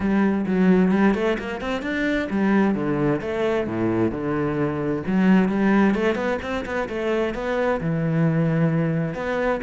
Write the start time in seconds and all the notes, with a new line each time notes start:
0.00 G3
0.46 F#3
0.91 G3
1.14 A3
1.38 A#3
1.60 C4
1.82 D4
2.30 G3
2.74 D3
3.21 A3
3.67 A2
4.11 D3
5.07 F#3
5.49 G3
5.94 A3
6.15 B3
6.41 C4
6.65 B3
6.88 A3
7.34 B3
7.80 E3
9.14 B3